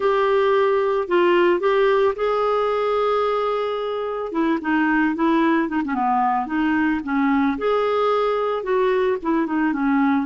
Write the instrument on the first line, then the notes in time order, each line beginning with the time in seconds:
clarinet
0.00 G4
1.08 F4
1.60 G4
2.15 G#4
4.31 E4
4.61 D#4
5.15 E4
5.68 D#4
5.85 C#4
5.94 B3
6.46 D#4
7.03 C#4
7.57 G#4
8.63 F#4
9.22 E4
9.46 D#4
9.72 C#4